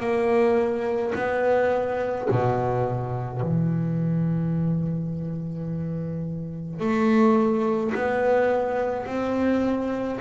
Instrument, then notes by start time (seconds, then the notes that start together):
double bass
0.00 A#3
1.15 B3
2.31 B2
3.42 E3
6.80 A3
7.95 B3
9.06 C4